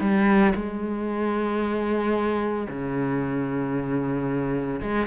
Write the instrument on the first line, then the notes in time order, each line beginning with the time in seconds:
cello
0.00 G3
0.55 G#3
2.68 C#3
4.81 G#3